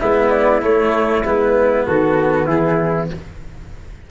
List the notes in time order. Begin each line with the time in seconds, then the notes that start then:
0.00 G#3 B3 E4 E5
0.30 D5
0.62 A3 C#5
1.25 G#3 B3 B4
1.86 D#3 F#4 A4
2.47 E3 E4 G#4